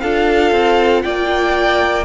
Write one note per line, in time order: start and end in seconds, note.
0.00 0.51 D4
0.00 2.05 F4
0.00 1.03 A4
0.00 1.02 F5
0.51 1.02 C4
1.02 2.05 A#3
1.02 2.05 D5
1.02 2.03 G5